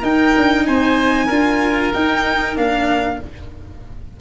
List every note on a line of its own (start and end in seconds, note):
0.00 0.34 D#4
0.00 1.29 D#4
0.00 0.63 A#4
0.00 0.66 G5
0.37 0.67 D4
0.66 1.30 C4
0.66 1.27 C5
0.66 1.93 G#5
1.27 1.93 D4
1.27 1.94 F4
1.27 3.16 A#4
1.94 2.56 D#4
1.94 2.57 D#4
1.94 2.57 G5
2.56 3.20 A#3
2.56 3.19 D4
2.56 3.21 F5